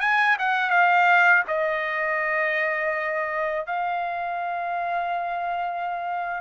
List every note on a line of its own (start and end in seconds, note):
0.00 0.37 G#5
0.39 0.70 F#5
0.70 1.43 F5
1.47 3.66 D#5
3.66 6.41 F5